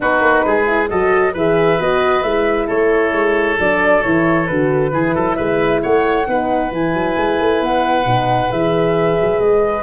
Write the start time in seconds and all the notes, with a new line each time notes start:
0.00 B3 D#4 F#4 B4
0.20 A#3
0.46 G#3 G#4
0.66 E4
0.89 F#3 F#4 A4 D#5
1.33 E3 G#4 B4 E5
1.78 B3 F#4 D#5
2.22 G#3 E4 E5
2.66 A3 A4 C#5
3.13 G#3
3.59 F#3 D4 D5
4.02 E3 E4 C#5
4.46 D3 F#4 B4
4.92 E3 E4 G#4
5.14 F#3 A4
5.34 G#3 B4 E5
5.82 A3 C#5 F#5
6.27 B3 D#4 B4
6.71 E3 E4 G#5
6.93 F#3
7.16 G#3
7.39 A3
7.60 B3 F#5
8.04 B2 D#4
8.50 E3 G#4 E5
9.20 F#3
9.39 G#3 D#5